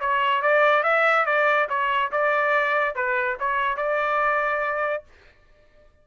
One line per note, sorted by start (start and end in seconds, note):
0.00 0.42 C#5
0.42 0.83 D5
0.83 1.26 E5
1.26 1.68 D5
1.69 2.11 C#5
2.12 2.95 D5
2.95 3.37 B4
3.40 3.77 C#5
3.77 5.03 D5